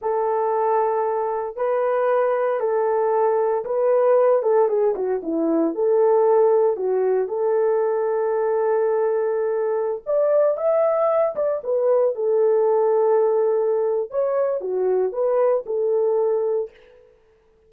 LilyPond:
\new Staff \with { instrumentName = "horn" } { \time 4/4 \tempo 4 = 115 a'2. b'4~ | b'4 a'2 b'4~ | b'8 a'8 gis'8 fis'8 e'4 a'4~ | a'4 fis'4 a'2~ |
a'2.~ a'16 d''8.~ | d''16 e''4. d''8 b'4 a'8.~ | a'2. cis''4 | fis'4 b'4 a'2 | }